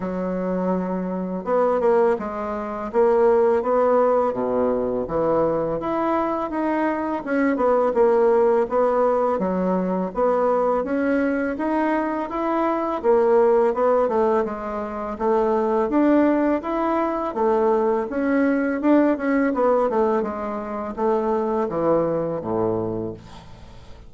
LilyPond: \new Staff \with { instrumentName = "bassoon" } { \time 4/4 \tempo 4 = 83 fis2 b8 ais8 gis4 | ais4 b4 b,4 e4 | e'4 dis'4 cis'8 b8 ais4 | b4 fis4 b4 cis'4 |
dis'4 e'4 ais4 b8 a8 | gis4 a4 d'4 e'4 | a4 cis'4 d'8 cis'8 b8 a8 | gis4 a4 e4 a,4 | }